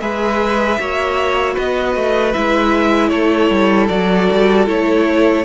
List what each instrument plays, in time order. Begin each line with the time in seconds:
0.00 cello G#3, viola G#4, violin B4 E5
0.79 cello A#3, viola F#4, violin C#5
1.54 cello B3, violin B4 D#5
1.96 cello A3
2.33 cello G#3, viola E4, violin E5
3.09 cello A3, violin A4 C#5
3.50 cello G3
3.88 cello F#3, viola F#4, violin D5
4.31 cello G3
4.66 cello A3, viola E4, violin C#5